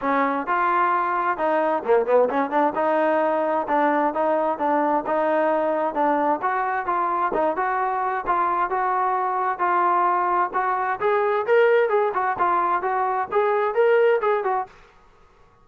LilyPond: \new Staff \with { instrumentName = "trombone" } { \time 4/4 \tempo 4 = 131 cis'4 f'2 dis'4 | ais8 b8 cis'8 d'8 dis'2 | d'4 dis'4 d'4 dis'4~ | dis'4 d'4 fis'4 f'4 |
dis'8 fis'4. f'4 fis'4~ | fis'4 f'2 fis'4 | gis'4 ais'4 gis'8 fis'8 f'4 | fis'4 gis'4 ais'4 gis'8 fis'8 | }